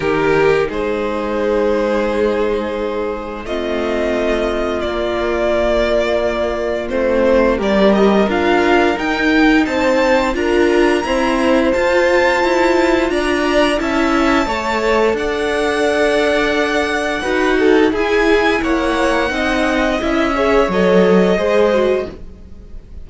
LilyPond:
<<
  \new Staff \with { instrumentName = "violin" } { \time 4/4 \tempo 4 = 87 ais'4 c''2.~ | c''4 dis''2 d''4~ | d''2 c''4 d''8 dis''8 | f''4 g''4 a''4 ais''4~ |
ais''4 a''2 ais''4 | a''2 fis''2~ | fis''2 gis''4 fis''4~ | fis''4 e''4 dis''2 | }
  \new Staff \with { instrumentName = "violin" } { \time 4/4 g'4 gis'2.~ | gis'4 f'2.~ | f'2. ais'4~ | ais'2 c''4 ais'4 |
c''2. d''4 | e''4 cis''4 d''2~ | d''4 b'8 a'8 gis'4 cis''4 | dis''4. cis''4. c''4 | }
  \new Staff \with { instrumentName = "viola" } { \time 4/4 dis'1~ | dis'4 c'2 ais4~ | ais2 c'4 g'4 | f'4 dis'2 f'4 |
c'4 f'2. | e'4 a'2.~ | a'4 fis'4 e'2 | dis'4 e'8 gis'8 a'4 gis'8 fis'8 | }
  \new Staff \with { instrumentName = "cello" } { \time 4/4 dis4 gis2.~ | gis4 a2 ais4~ | ais2 a4 g4 | d'4 dis'4 c'4 d'4 |
e'4 f'4 e'4 d'4 | cis'4 a4 d'2~ | d'4 dis'4 e'4 ais4 | c'4 cis'4 fis4 gis4 | }
>>